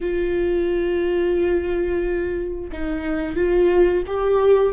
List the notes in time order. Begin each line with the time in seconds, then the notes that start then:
0.00 F4
2.72 D#4
3.36 F4
4.06 G4